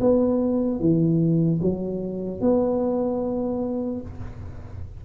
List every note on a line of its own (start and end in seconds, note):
0.00 0.80 B3
0.80 1.60 E3
1.61 2.41 F#3
2.41 4.01 B3